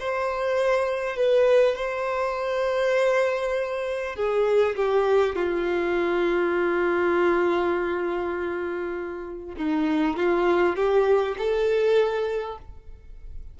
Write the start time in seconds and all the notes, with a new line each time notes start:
0.00 C5
1.17 B4
1.76 C5
4.16 G#4
4.77 G4
5.36 F4
9.57 D#4
10.17 F4
10.77 G4
11.38 A4